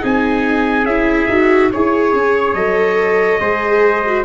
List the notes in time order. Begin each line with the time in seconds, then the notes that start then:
0.00 C4 D#4 G#4 G#5
0.85 C#4 E4 E5
1.29 D#4 F#4
1.73 E4 G#4 C#5
2.13 C#4
2.54 F#3 A4 D#5
3.41 G#3 G#4 C5
4.06 F#4